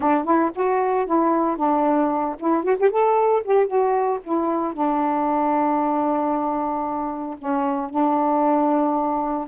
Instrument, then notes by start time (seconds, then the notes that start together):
saxophone
0.00 D4
0.24 E4
0.55 F#4
1.06 E4
1.56 D4
2.39 E4
2.63 F#4
2.79 G4
2.90 A4
3.44 G4
3.66 F#4
4.23 E4
4.73 D4
7.38 C#4
7.90 D4